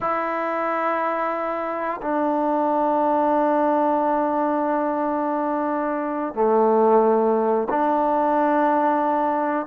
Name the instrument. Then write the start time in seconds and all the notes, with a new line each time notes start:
trombone
0.01 E4
2.02 D4
6.34 A3
7.69 D4